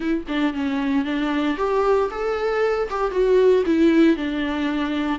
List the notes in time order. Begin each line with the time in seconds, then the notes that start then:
0.00 E4
0.28 D4
0.53 C#4
1.04 D4
1.57 G4
2.10 A4
2.90 G4
3.11 F#4
3.65 E4
4.16 D4